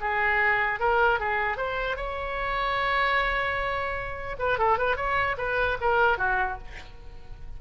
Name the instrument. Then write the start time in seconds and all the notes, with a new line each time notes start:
oboe
0.00 G#4
0.79 A#4
1.19 G#4
1.57 C5
1.96 C#5
4.38 B4
4.58 A4
4.77 B4
4.96 C#5
5.37 B4
5.80 A#4
6.17 F#4